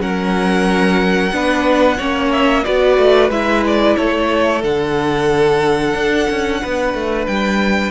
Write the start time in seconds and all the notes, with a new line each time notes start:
0.00 F#3 C#4 A#4 F#5
1.33 B3 D4 B4
1.98 A#3 C#4 C#5
2.32 E5
2.65 B3 F#4 B4 D5
2.98 A3
3.30 G#3 E4 E5
3.67 D5
3.97 A3 A4 C#5
4.62 D3 D4 F#5
5.95 D4
6.30 C#4
6.62 B3 B4
6.94 A3
7.27 G3 G5